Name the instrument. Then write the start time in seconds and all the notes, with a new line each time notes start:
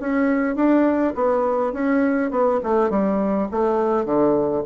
bassoon
0.00 C#4
0.55 D4
1.15 B3
1.73 C#4
2.31 B3
2.63 A3
2.90 G3
3.51 A3
4.05 D3